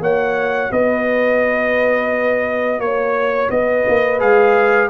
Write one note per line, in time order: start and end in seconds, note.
0.00 0.70 A#3
0.00 4.19 F#4
0.00 0.71 C#5
0.00 0.72 F#5
0.71 2.79 B3
0.71 2.82 B4
0.71 2.80 D#5
2.79 3.49 A#3
2.79 3.50 C#5
2.79 3.51 C#5
3.50 3.85 B3
3.50 4.90 B4
3.50 4.20 D#5
3.88 4.21 A#3
4.19 4.90 G#3
4.19 4.89 G#4
4.19 4.90 F5